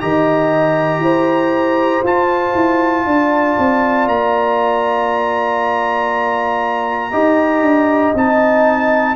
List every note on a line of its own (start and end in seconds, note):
0.00 0.99 D#3
0.00 2.04 G4
0.00 1.03 D#5
0.00 2.03 A#5
0.99 2.00 E4
0.99 3.06 C5
2.03 2.54 F4
2.03 7.12 F4
2.03 4.08 A5
2.54 3.05 E4
3.06 3.57 D4
3.06 7.11 D5
3.58 4.07 C4
4.07 7.12 A#3
4.07 8.15 A#5
7.11 7.61 D#4
7.11 8.14 G4
7.11 9.15 D#5
7.61 8.12 D4
8.14 9.15 C4
8.14 9.15 D#4
8.14 9.15 A5